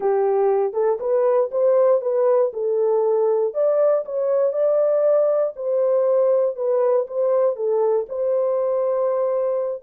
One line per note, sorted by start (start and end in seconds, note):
0.00 0.73 G4
0.73 0.98 A4
1.00 1.50 B4
1.51 2.01 C5
2.01 2.51 B4
2.53 3.54 A4
3.54 4.04 D5
4.05 4.52 C#5
4.52 5.53 D5
5.56 6.56 C5
6.56 7.06 B4
7.07 7.56 C5
7.56 8.06 A4
8.09 9.82 C5